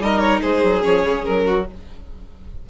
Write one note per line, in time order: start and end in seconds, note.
0.00 0.41 G3
0.00 0.81 D#4
0.00 0.42 A#4
0.00 0.20 D#5
0.20 0.40 C#5
0.41 0.64 G#3
0.41 1.44 G#4
0.41 0.82 C5
0.64 0.84 F#3
0.81 1.03 F3
0.81 1.62 C#4
0.81 1.25 C#5
1.03 1.24 C#3
1.25 1.70 F#3
1.25 1.66 A#4
1.46 1.66 F#4